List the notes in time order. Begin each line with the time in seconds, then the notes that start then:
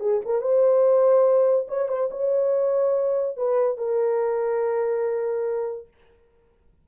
0.00 G#4
0.25 A#4
0.41 C5
1.68 C#5
1.88 C5
2.11 C#5
3.37 B4
3.78 A#4